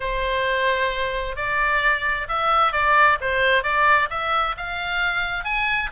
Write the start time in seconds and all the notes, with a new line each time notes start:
0.00 C5
1.36 D5
2.28 E5
2.72 D5
3.20 C5
3.63 D5
4.10 E5
4.57 F5
5.44 G#5